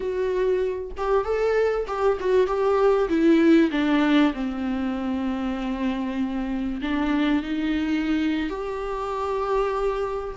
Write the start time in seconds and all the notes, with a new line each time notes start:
0.00 F#4
0.97 G4
1.24 A4
1.87 G4
2.20 F#4
2.46 G4
3.08 E4
3.71 D4
4.33 C4
6.81 D4
7.43 D#4
8.49 G4